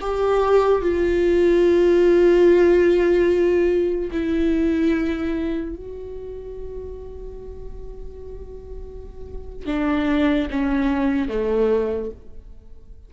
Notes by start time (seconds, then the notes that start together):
0.00 G4
0.82 F4
4.11 E4
5.76 F#4
9.66 D4
10.50 C#4
11.28 A3